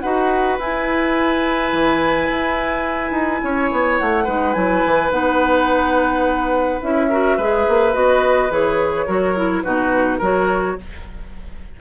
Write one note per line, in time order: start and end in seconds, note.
0.00 0.58 D#4
0.00 0.60 F#4
0.00 3.42 B4
0.00 0.57 F#5
0.58 1.72 E4
0.58 4.27 E4
0.58 3.99 G#5
1.73 2.29 E3
2.30 3.11 E4
3.11 3.40 D#4
3.43 3.71 C#4
3.43 4.24 C#5
3.72 4.00 B3
3.99 4.27 A3
3.99 4.53 F#5
4.24 4.55 G#3
4.24 4.55 D#4
4.24 7.07 B4
4.53 4.84 F#3
4.53 5.10 E4
4.53 5.10 G#5
4.86 5.11 E3
5.10 6.81 B3
5.10 6.80 D#4
5.10 6.81 F#5
6.82 7.38 C#4
6.82 7.11 E4
6.82 7.95 E5
7.09 7.39 F#4
7.09 7.37 A#4
7.37 7.66 G#3
7.37 7.93 G#4
7.37 9.06 B4
7.68 7.95 A#3
7.93 8.51 B3
7.93 8.50 F#4
7.93 8.51 D#5
8.51 9.07 E3
8.51 9.07 G#4
8.51 9.63 C#5
9.06 9.64 F#3
9.06 9.35 F#4
9.06 9.63 A#4
9.36 9.64 E4
9.63 10.21 B2
9.63 10.21 D#4
9.63 10.18 F#4
9.63 10.20 B4
10.18 10.77 F#3
10.18 10.78 F#4
10.18 10.75 A#4
10.18 10.81 C#5